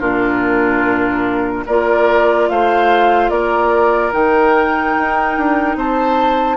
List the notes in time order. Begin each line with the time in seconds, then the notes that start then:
0.00 A#2 D4 F4 A#4
1.66 A#3 F4 A#4 D5
2.50 A3 C5 F5
3.30 A#3 A#4 D5
4.13 D#3 D#4 G5
4.98 D#4
5.38 D4
5.76 C4 C5 A5